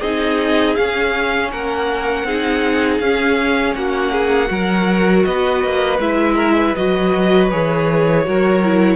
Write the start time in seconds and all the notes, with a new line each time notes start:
0.00 C4 D#4 G#4 D#5
0.76 C#4 F5
1.52 A#3 A#4 F#5
2.24 C4 D#4 G#4
3.00 C#4 F5
3.75 A#3 F#4 F#5
4.12 G#4
4.47 F#3 F#4 A#4
5.25 B3 B4 D#5
5.65 A#3
6.00 G#3 E4 E5
6.36 A#4
6.55 B4
6.76 F#3 F#4 D#5
7.51 E3 G#4 C#5
8.25 F#3 F#4 A#4
8.64 E4